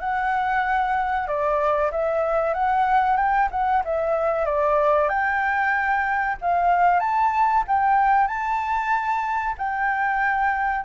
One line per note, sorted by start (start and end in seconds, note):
0.00 1.28 F#5
1.28 1.91 D5
1.92 2.54 E5
2.54 3.17 F#5
3.17 3.49 G5
3.51 3.83 F#5
3.85 4.46 E5
4.46 5.09 D5
5.09 6.37 G5
6.41 7.00 F5
7.00 7.64 A5
7.68 8.28 G5
8.28 9.55 A5
9.58 10.85 G5